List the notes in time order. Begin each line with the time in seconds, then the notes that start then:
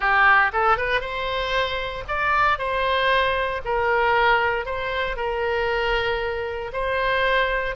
0.00 G4
0.52 A4
0.77 B4
1.00 C5
2.07 D5
2.58 C5
3.65 A#4
4.65 C5
5.16 A#4
6.72 C5